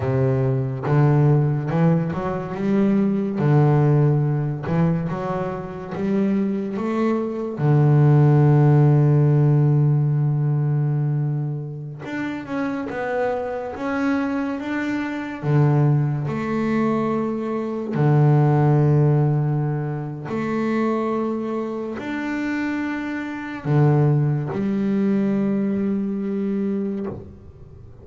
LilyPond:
\new Staff \with { instrumentName = "double bass" } { \time 4/4 \tempo 4 = 71 c4 d4 e8 fis8 g4 | d4. e8 fis4 g4 | a4 d2.~ | d2~ d16 d'8 cis'8 b8.~ |
b16 cis'4 d'4 d4 a8.~ | a4~ a16 d2~ d8. | a2 d'2 | d4 g2. | }